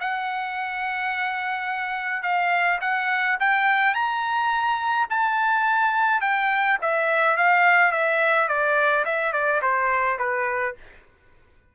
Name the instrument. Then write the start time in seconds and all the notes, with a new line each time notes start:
trumpet
0.00 F#5
2.23 F5
2.81 F#5
3.40 G5
3.94 A#5
5.10 A5
6.21 G5
6.81 E5
7.37 F5
7.92 E5
8.48 D5
9.05 E5
9.33 D5
9.62 C5
10.18 B4